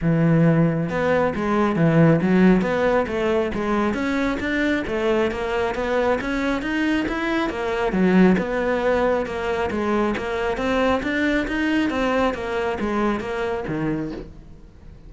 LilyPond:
\new Staff \with { instrumentName = "cello" } { \time 4/4 \tempo 4 = 136 e2 b4 gis4 | e4 fis4 b4 a4 | gis4 cis'4 d'4 a4 | ais4 b4 cis'4 dis'4 |
e'4 ais4 fis4 b4~ | b4 ais4 gis4 ais4 | c'4 d'4 dis'4 c'4 | ais4 gis4 ais4 dis4 | }